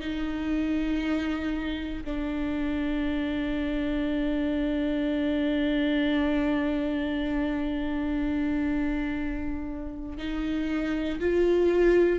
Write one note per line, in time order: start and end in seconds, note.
0.00 2.03 D#4
2.04 10.17 D4
10.17 11.19 D#4
11.20 12.19 F4